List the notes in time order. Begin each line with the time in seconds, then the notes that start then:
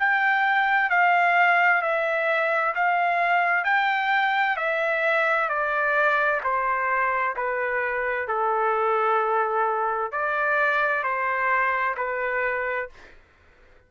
0.00 G5
0.90 F5
1.83 E5
2.76 F5
3.65 G5
4.57 E5
5.49 D5
6.44 C5
7.37 B4
8.28 A4
10.12 D5
11.04 C5
11.97 B4